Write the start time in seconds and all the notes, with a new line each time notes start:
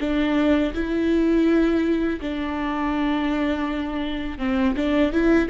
0.00 D4
0.74 E4
2.21 D4
4.38 C4
4.76 D4
5.12 E4